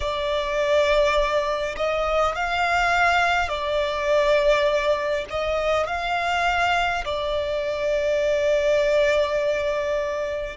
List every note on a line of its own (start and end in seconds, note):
0.00 1.75 D5
1.76 2.35 D#5
2.35 3.49 F5
3.49 5.25 D5
5.29 5.86 D#5
5.86 7.04 F5
7.04 10.57 D5